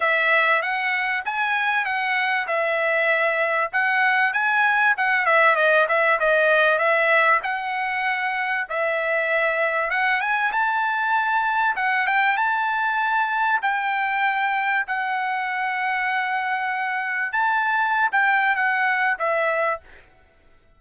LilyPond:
\new Staff \with { instrumentName = "trumpet" } { \time 4/4 \tempo 4 = 97 e''4 fis''4 gis''4 fis''4 | e''2 fis''4 gis''4 | fis''8 e''8 dis''8 e''8 dis''4 e''4 | fis''2 e''2 |
fis''8 gis''8 a''2 fis''8 g''8 | a''2 g''2 | fis''1 | a''4~ a''16 g''8. fis''4 e''4 | }